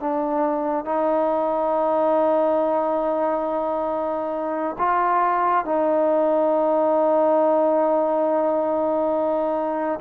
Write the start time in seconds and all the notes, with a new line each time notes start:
0.00 D4
0.85 D#4
4.78 F4
5.65 D#4